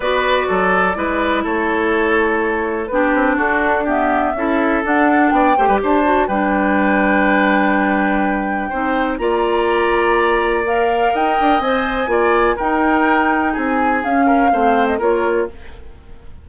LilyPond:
<<
  \new Staff \with { instrumentName = "flute" } { \time 4/4 \tempo 4 = 124 d''2. cis''4~ | cis''2 b'4 a'4 | e''2 fis''4 g''4 | a''4 g''2.~ |
g''2. ais''4~ | ais''2 f''4 g''4 | gis''2 g''2 | gis''4 f''4.~ f''16 dis''16 cis''4 | }
  \new Staff \with { instrumentName = "oboe" } { \time 4/4 b'4 a'4 b'4 a'4~ | a'2 g'4 fis'4 | g'4 a'2 d''8 c''16 b'16 | c''4 b'2.~ |
b'2 c''4 d''4~ | d''2. dis''4~ | dis''4 d''4 ais'2 | gis'4. ais'8 c''4 ais'4 | }
  \new Staff \with { instrumentName = "clarinet" } { \time 4/4 fis'2 e'2~ | e'2 d'2 | b4 e'4 d'4. g'8~ | g'8 fis'8 d'2.~ |
d'2 dis'4 f'4~ | f'2 ais'2 | c''4 f'4 dis'2~ | dis'4 cis'4 c'4 f'4 | }
  \new Staff \with { instrumentName = "bassoon" } { \time 4/4 b4 fis4 gis4 a4~ | a2 b8 c'8 d'4~ | d'4 cis'4 d'4 b8 a16 g16 | d'4 g2.~ |
g2 c'4 ais4~ | ais2. dis'8 d'8 | c'4 ais4 dis'2 | c'4 cis'4 a4 ais4 | }
>>